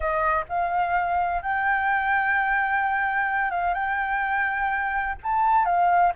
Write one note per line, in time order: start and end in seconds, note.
0.00 0.44 D#5
0.49 1.42 F5
1.42 3.50 G5
3.50 3.73 F5
3.73 5.15 G5
5.23 5.65 A5
5.65 6.12 F5